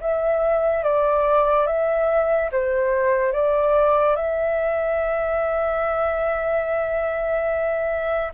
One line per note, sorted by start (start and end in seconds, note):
0.00 0.83 E5
0.83 1.66 D5
1.66 2.50 E5
2.52 3.32 C5
3.32 4.15 D5
4.15 8.32 E5